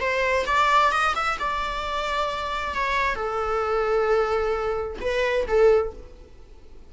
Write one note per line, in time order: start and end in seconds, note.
0.00 0.45 C5
0.46 0.91 D5
0.91 1.14 D#5
1.15 1.38 E5
1.39 2.74 D5
2.74 3.15 C#5
3.15 4.97 A4
5.01 5.46 B4
5.47 5.93 A4